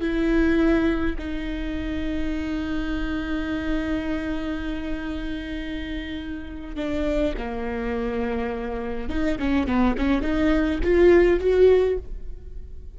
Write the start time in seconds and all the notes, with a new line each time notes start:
0.00 E4
1.18 D#4
6.76 D4
7.37 A#3
9.09 D#4
9.39 C#4
9.66 B3
9.97 C#4
10.21 D#4
10.83 F4
11.40 F#4